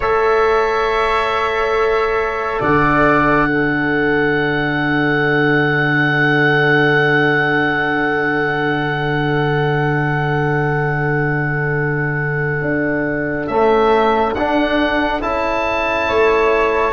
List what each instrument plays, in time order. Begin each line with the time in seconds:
0.00 tuba A3, trombone A4, flute C#5, oboe E5
2.60 tuba D3, flute D5, oboe F#5
3.48 trombone D4, flute A4
12.61 tuba D4
13.47 trombone A3, tuba C#4, oboe E5
14.34 tuba D4, trombone D4, oboe F#5
15.21 tuba C#4, trombone E4, oboe A5
16.07 tuba A3, flute C#5